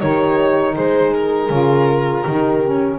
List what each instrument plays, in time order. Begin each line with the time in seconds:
0.00 double bass D#3, saxophone D#4, horn G4, violin C#5
0.75 double bass G#3, horn G#4, violin C5
1.13 violin A#4
1.49 double bass C#3, saxophone F4
2.25 double bass D#3, saxophone D#4, horn G4
2.64 saxophone C#4